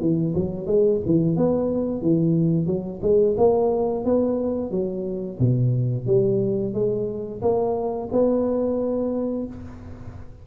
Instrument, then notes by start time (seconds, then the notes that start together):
tuba
0.00 E3
0.35 F#3
0.66 G#3
1.05 E3
1.36 B3
2.02 E3
2.66 F#3
3.02 G#3
3.37 A#3
4.04 B3
4.71 F#3
5.39 B2
6.06 G3
6.74 G#3
7.41 A#3
8.12 B3